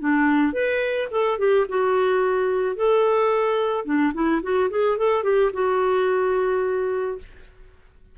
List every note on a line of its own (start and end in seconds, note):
0.00 0.53 D4
0.53 1.08 B4
1.11 1.39 A4
1.39 1.66 G4
1.69 2.76 F#4
2.76 3.85 A4
3.85 4.13 D4
4.14 4.42 E4
4.43 4.70 F#4
4.71 4.98 G#4
4.98 5.24 A4
5.24 5.51 G4
5.53 7.18 F#4